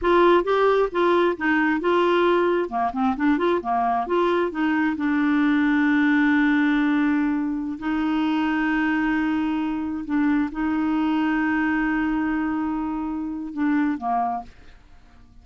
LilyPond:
\new Staff \with { instrumentName = "clarinet" } { \time 4/4 \tempo 4 = 133 f'4 g'4 f'4 dis'4 | f'2 ais8 c'8 d'8 f'8 | ais4 f'4 dis'4 d'4~ | d'1~ |
d'4~ d'16 dis'2~ dis'8.~ | dis'2~ dis'16 d'4 dis'8.~ | dis'1~ | dis'2 d'4 ais4 | }